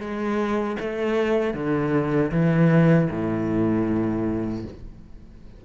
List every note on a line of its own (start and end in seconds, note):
0.00 0.77 G#3
0.80 1.54 A3
1.54 2.31 D3
2.32 3.09 E3
3.11 4.65 A2